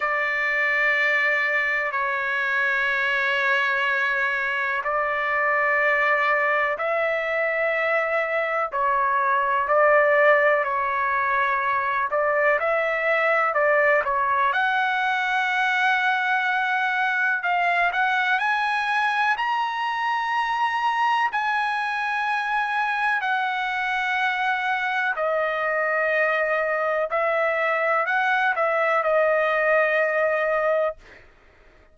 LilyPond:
\new Staff \with { instrumentName = "trumpet" } { \time 4/4 \tempo 4 = 62 d''2 cis''2~ | cis''4 d''2 e''4~ | e''4 cis''4 d''4 cis''4~ | cis''8 d''8 e''4 d''8 cis''8 fis''4~ |
fis''2 f''8 fis''8 gis''4 | ais''2 gis''2 | fis''2 dis''2 | e''4 fis''8 e''8 dis''2 | }